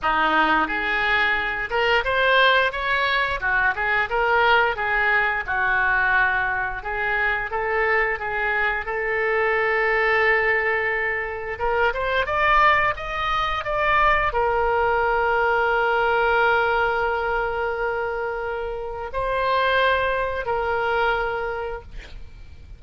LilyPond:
\new Staff \with { instrumentName = "oboe" } { \time 4/4 \tempo 4 = 88 dis'4 gis'4. ais'8 c''4 | cis''4 fis'8 gis'8 ais'4 gis'4 | fis'2 gis'4 a'4 | gis'4 a'2.~ |
a'4 ais'8 c''8 d''4 dis''4 | d''4 ais'2.~ | ais'1 | c''2 ais'2 | }